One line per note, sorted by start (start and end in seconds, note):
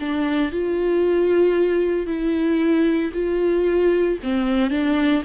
0.00 0.52 D4
0.52 2.07 F4
2.07 3.12 E4
3.14 4.19 F4
4.23 4.70 C4
4.70 5.23 D4